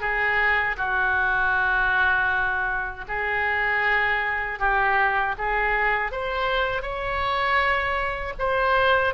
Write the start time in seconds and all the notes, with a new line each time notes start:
0.00 G#4
0.77 F#4
3.08 G#4
4.59 G4
5.38 G#4
6.11 C5
6.81 C#5
8.39 C5